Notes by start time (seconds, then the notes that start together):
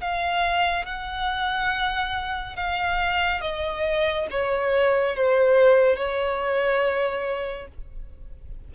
0.00 F5
0.85 F#5
2.56 F5
3.41 D#5
4.30 C#5
5.15 C5
5.96 C#5